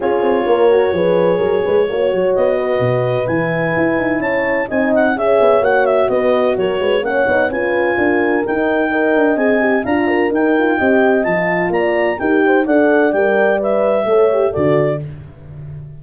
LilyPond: <<
  \new Staff \with { instrumentName = "clarinet" } { \time 4/4 \tempo 4 = 128 cis''1~ | cis''4 dis''2 gis''4~ | gis''4 a''4 gis''8 fis''8 e''4 | fis''8 e''8 dis''4 cis''4 fis''4 |
gis''2 g''2 | gis''4 ais''4 g''2 | a''4 ais''4 g''4 fis''4 | g''4 e''2 d''4 | }
  \new Staff \with { instrumentName = "horn" } { \time 4/4 gis'4 ais'4 b'4 ais'8 b'8 | cis''4. b'2~ b'8~ | b'4 cis''4 dis''4 cis''4~ | cis''4 b'4 ais'8 b'8 cis''4 |
b'4 ais'2 dis''4~ | dis''4 f''8 ais'4. dis''4~ | dis''4 d''4 ais'8 c''8 d''4~ | d''2 cis''4 a'4 | }
  \new Staff \with { instrumentName = "horn" } { \time 4/4 f'4. fis'8 gis'2 | fis'2. e'4~ | e'2 dis'4 gis'4 | fis'2. cis'8 dis'8 |
f'2 dis'4 ais'4 | gis'8 g'8 f'4 dis'8 f'8 g'4 | f'2 g'4 a'4 | ais'4 b'4 a'8 g'8 fis'4 | }
  \new Staff \with { instrumentName = "tuba" } { \time 4/4 cis'8 c'8 ais4 f4 fis8 gis8 | ais8 fis8 b4 b,4 e4 | e'8 dis'8 cis'4 c'4 cis'8 b8 | ais4 b4 fis8 gis8 ais8 b8 |
cis'4 d'4 dis'4. d'8 | c'4 d'4 dis'4 c'4 | f4 ais4 dis'4 d'4 | g2 a4 d4 | }
>>